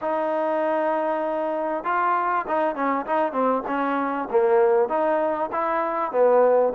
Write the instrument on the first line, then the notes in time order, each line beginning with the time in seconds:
trombone
0.01 D#4
1.84 F4
2.47 D#4
2.75 C#4
3.06 D#4
3.32 C4
3.67 C#4
4.30 A#3
4.88 D#4
5.52 E4
6.11 B3